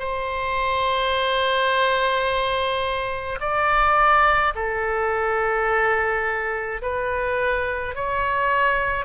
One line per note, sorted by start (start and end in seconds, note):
0.00 3.40 C5
3.41 4.54 D5
4.55 6.82 A4
6.82 7.96 B4
7.96 9.06 C#5